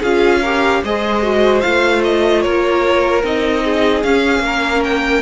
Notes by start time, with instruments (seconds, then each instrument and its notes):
0.00 cello C#4, viola F4, violin G#4 F5
0.42 viola G4, violin A#4
0.84 cello G#3, viola G#4, violin C5 D#5
1.23 viola F#4
1.61 cello A3, viola F4, violin F5
2.04 violin D#5
2.42 cello A#3, violin A#4 C#5
3.24 cello C4, viola D#4, violin D#5
3.64 violin G#4
4.03 cello C#4, viola C#4, violin F5
4.40 cello A#3
4.46 violin A#4
4.84 violin G5